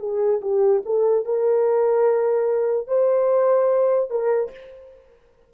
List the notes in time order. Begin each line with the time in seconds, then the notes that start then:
0.00 G#4
0.42 G4
0.86 A4
1.26 A#4
2.88 C5
4.11 A#4